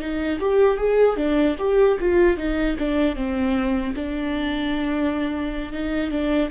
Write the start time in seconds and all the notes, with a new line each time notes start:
0.00 D#4
0.40 G4
0.78 G#4
1.17 D4
1.59 G4
2.00 F4
2.38 D#4
2.79 D4
3.16 C4
3.95 D4
5.73 D#4
6.11 D4